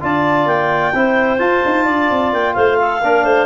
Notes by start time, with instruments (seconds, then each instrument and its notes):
0.00 tuba D4, trombone F4, clarinet D5 A5
0.46 tuba A#3, clarinet G5
0.94 tuba C4, trombone E4, clarinet C5
1.38 trombone F4, tuba F4, clarinet A5
1.65 tuba D#4
1.85 tuba D4, clarinet D5
2.10 tuba C4
2.32 tuba A#3, clarinet G5
2.53 tuba A3, clarinet C5 F5
2.79 clarinet A4
3.02 tuba A#3, trombone D4, clarinet A#4
3.24 tuba A3, clarinet C5